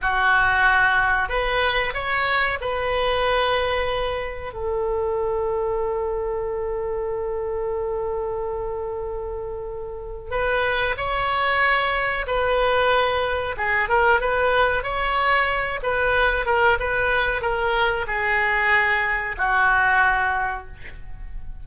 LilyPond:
\new Staff \with { instrumentName = "oboe" } { \time 4/4 \tempo 4 = 93 fis'2 b'4 cis''4 | b'2. a'4~ | a'1~ | a'1 |
b'4 cis''2 b'4~ | b'4 gis'8 ais'8 b'4 cis''4~ | cis''8 b'4 ais'8 b'4 ais'4 | gis'2 fis'2 | }